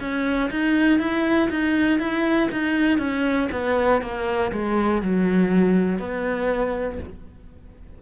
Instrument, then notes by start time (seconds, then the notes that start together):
cello
0.00 C#4
0.50 D#4
0.99 E4
1.50 D#4
1.99 E4
2.51 D#4
2.98 C#4
3.51 B3
4.01 A#3
4.51 G#3
5.02 F#3
5.98 B3